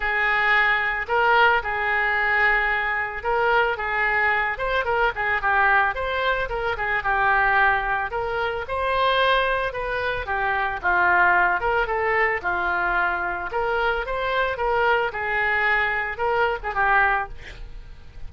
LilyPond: \new Staff \with { instrumentName = "oboe" } { \time 4/4 \tempo 4 = 111 gis'2 ais'4 gis'4~ | gis'2 ais'4 gis'4~ | gis'8 c''8 ais'8 gis'8 g'4 c''4 | ais'8 gis'8 g'2 ais'4 |
c''2 b'4 g'4 | f'4. ais'8 a'4 f'4~ | f'4 ais'4 c''4 ais'4 | gis'2 ais'8. gis'16 g'4 | }